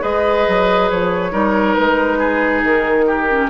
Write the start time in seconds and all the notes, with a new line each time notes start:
0.00 G#3 G#4 B4 D#5
0.48 F#3
0.90 F3 C#5
1.31 G3 D#4 A#4
1.74 G#3 B4
2.18 G#4
2.62 D#3 A#4
3.07 G4
3.30 C#4